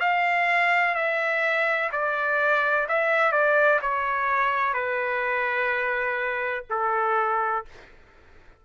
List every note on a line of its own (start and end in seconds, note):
0.00 0.95 F5
0.95 1.90 E5
1.92 2.87 D5
2.88 3.32 E5
3.32 3.80 D5
3.81 4.74 C#5
4.74 6.64 B4
6.70 7.65 A4